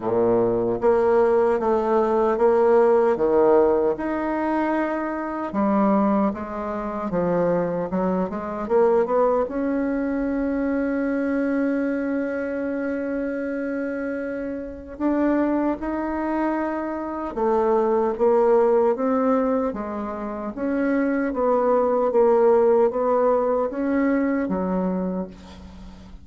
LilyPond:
\new Staff \with { instrumentName = "bassoon" } { \time 4/4 \tempo 4 = 76 ais,4 ais4 a4 ais4 | dis4 dis'2 g4 | gis4 f4 fis8 gis8 ais8 b8 | cis'1~ |
cis'2. d'4 | dis'2 a4 ais4 | c'4 gis4 cis'4 b4 | ais4 b4 cis'4 fis4 | }